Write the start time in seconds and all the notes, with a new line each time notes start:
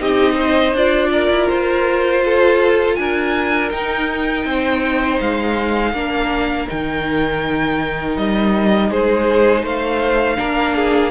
0.00 C4 D#4 G4 D#5
0.35 C5
0.74 D4 F4 D5
1.12 A#4
1.30 E4
1.48 F4 C5
2.25 A4
2.95 D4 A#4 G#5
3.71 D#4 G5
4.45 C4 C5
5.21 G#3 F5
5.93 A#3 D4 A#4
6.67 D#3 D#4 G5
8.17 G3 D#5
8.90 G#3 G#4 C5
9.62 A3 C5 F5
10.37 A#3 D4 A#4
10.76 G#4